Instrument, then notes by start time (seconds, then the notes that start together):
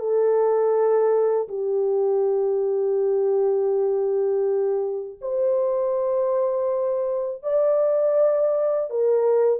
horn
0.00 A4
1.49 G4
5.21 C5
7.43 D5
8.90 A#4